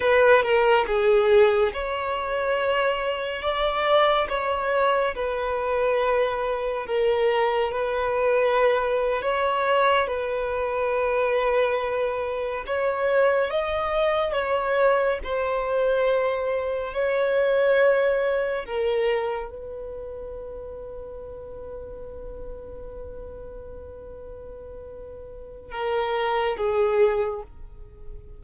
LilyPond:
\new Staff \with { instrumentName = "violin" } { \time 4/4 \tempo 4 = 70 b'8 ais'8 gis'4 cis''2 | d''4 cis''4 b'2 | ais'4 b'4.~ b'16 cis''4 b'16~ | b'2~ b'8. cis''4 dis''16~ |
dis''8. cis''4 c''2 cis''16~ | cis''4.~ cis''16 ais'4 b'4~ b'16~ | b'1~ | b'2 ais'4 gis'4 | }